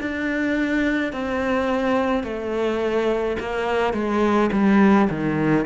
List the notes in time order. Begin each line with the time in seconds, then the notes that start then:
0.00 D4
1.12 C4
2.23 A3
3.40 A#3
3.93 G#3
4.52 G3
5.09 D#3